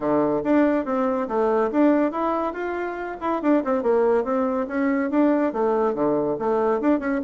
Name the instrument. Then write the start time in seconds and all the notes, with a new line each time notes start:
bassoon
0.00 D3
0.43 D4
0.85 C4
1.27 A3
1.71 D4
2.11 E4
2.53 F4
3.20 E4
3.42 D4
3.64 C4
3.83 A#3
4.24 C4
4.67 C#4
5.10 D4
5.52 A3
5.94 D3
6.38 A3
6.80 D4
6.99 C#4